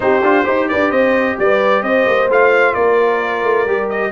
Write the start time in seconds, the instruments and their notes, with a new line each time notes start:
0.00 tuba C4, trombone D#4, horn G4, trumpet C5
0.22 tuba D4, trombone F4
0.44 tuba D#4, trombone G4, horn C5
0.68 tuba D4, horn B4, trumpet D5
0.89 tuba C4, horn C5, trumpet D#5
1.39 tuba G3, horn B4, trumpet D5
1.82 tuba C4, horn C5, trumpet D#5
2.06 tuba A#3
2.29 tuba A3, trombone F4, trumpet F5
2.74 tuba A#3, horn A#4, trumpet D5
3.43 tuba A3
3.65 tuba G3, trombone G4
3.89 trumpet D#5